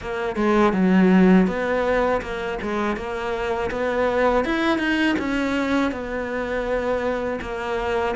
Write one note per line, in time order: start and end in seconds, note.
0.01 0.35 A#3
0.35 0.72 G#3
0.72 1.46 F#3
1.46 2.21 B3
2.21 2.58 A#3
2.61 2.96 G#3
2.96 3.70 A#3
3.70 4.44 B3
4.44 4.78 E4
4.78 5.15 D#4
5.19 5.91 C#4
5.91 7.39 B3
7.41 8.15 A#3